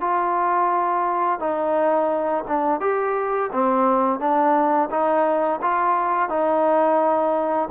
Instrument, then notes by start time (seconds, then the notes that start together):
trombone
0.00 F4
1.39 D#4
2.47 D4
2.80 G4
3.52 C4
4.19 D4
4.90 D#4
5.61 F4
6.29 D#4